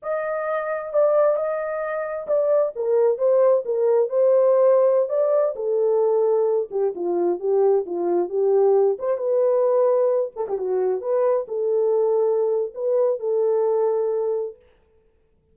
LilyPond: \new Staff \with { instrumentName = "horn" } { \time 4/4 \tempo 4 = 132 dis''2 d''4 dis''4~ | dis''4 d''4 ais'4 c''4 | ais'4 c''2~ c''16 d''8.~ | d''16 a'2~ a'8 g'8 f'8.~ |
f'16 g'4 f'4 g'4. c''16~ | c''16 b'2~ b'8 a'16 g'16 fis'8.~ | fis'16 b'4 a'2~ a'8. | b'4 a'2. | }